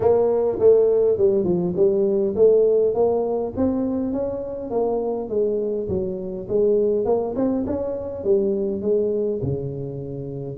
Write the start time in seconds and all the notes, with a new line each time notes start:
0.00 A#3
0.59 A3
1.17 G3
1.44 F3
1.76 G3
2.35 A3
2.94 A#3
3.56 C4
4.12 C#4
4.70 A#3
5.29 G#3
5.88 F#3
6.48 G#3
7.05 A#3
7.35 C4
7.66 C#4
8.24 G3
8.81 G#3
9.42 C#3